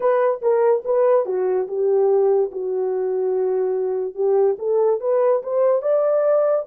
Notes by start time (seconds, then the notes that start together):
0.00 B4
0.41 A#4
0.84 B4
1.25 F#4
1.67 G4
2.51 F#4
4.14 G4
4.58 A4
5.00 B4
5.42 C5
5.82 D5